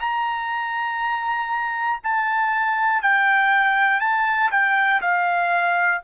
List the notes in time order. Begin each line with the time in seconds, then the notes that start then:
0.00 A#5
2.03 A5
3.02 G5
4.00 A5
4.51 G5
5.01 F5